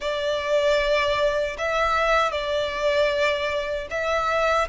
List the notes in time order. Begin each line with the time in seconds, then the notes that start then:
0.00 D5
1.58 E5
2.31 D5
3.90 E5